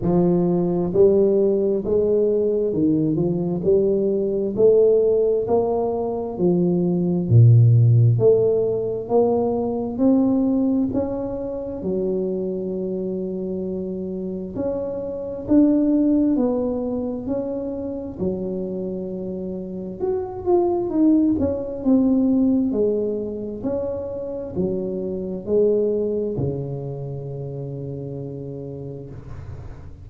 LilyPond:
\new Staff \with { instrumentName = "tuba" } { \time 4/4 \tempo 4 = 66 f4 g4 gis4 dis8 f8 | g4 a4 ais4 f4 | ais,4 a4 ais4 c'4 | cis'4 fis2. |
cis'4 d'4 b4 cis'4 | fis2 fis'8 f'8 dis'8 cis'8 | c'4 gis4 cis'4 fis4 | gis4 cis2. | }